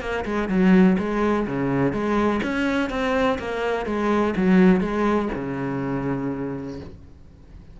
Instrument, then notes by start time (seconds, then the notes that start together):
cello
0.00 A#3
0.25 G#3
0.48 F#3
0.98 G#3
1.47 C#3
1.92 G#3
2.42 C#4
2.89 C4
3.38 A#3
3.85 G#3
4.36 F#3
4.80 G#3
5.34 C#3